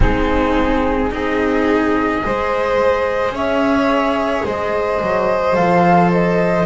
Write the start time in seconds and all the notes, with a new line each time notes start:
0.00 G#3 C4 D#4 G#4
1.10 C4 D#4 G#4 D#5
2.22 G#3 G#4 C5
3.30 C#4 C#5 E5
4.45 G#3 C5 D#5
5.02 F#3
5.54 F3 A4 F5
6.11 D#5